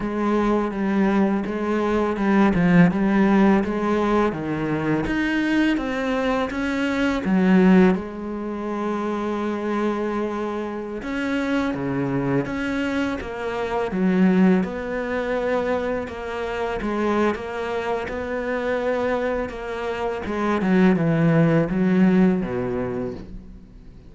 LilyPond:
\new Staff \with { instrumentName = "cello" } { \time 4/4 \tempo 4 = 83 gis4 g4 gis4 g8 f8 | g4 gis4 dis4 dis'4 | c'4 cis'4 fis4 gis4~ | gis2.~ gis16 cis'8.~ |
cis'16 cis4 cis'4 ais4 fis8.~ | fis16 b2 ais4 gis8. | ais4 b2 ais4 | gis8 fis8 e4 fis4 b,4 | }